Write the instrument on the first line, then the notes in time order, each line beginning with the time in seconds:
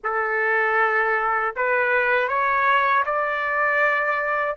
trumpet
0.03 A4
1.56 B4
2.28 C#5
3.06 D5